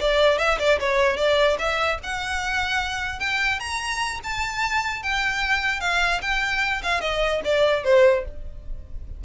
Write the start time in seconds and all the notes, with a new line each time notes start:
0.00 D5
0.38 E5
0.59 D5
0.80 C#5
1.17 D5
1.59 E5
2.03 F#5
3.20 G5
3.60 A#5
4.24 A5
5.03 G5
5.81 F5
6.22 G5
6.83 F5
7.01 D#5
7.44 D5
7.84 C5